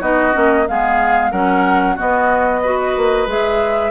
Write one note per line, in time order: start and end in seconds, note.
0.00 0.34 B3
0.00 0.32 D#4
0.00 0.65 F#4
0.00 0.67 D#5
0.32 0.68 A#3
0.32 0.65 C#4
0.68 1.32 G#3
0.68 1.32 B3
0.68 1.31 G#4
0.68 1.31 F5
1.31 1.97 F#3
1.31 1.97 C#4
1.31 1.96 A#4
1.31 1.97 F#5
1.96 2.63 B3
1.96 2.97 B3
1.96 2.61 F#4
1.96 3.29 D#5
2.62 3.28 F#4
2.62 3.91 B4
2.97 3.27 A#3
3.27 3.91 G#3
3.27 3.91 G#4
3.27 3.91 E5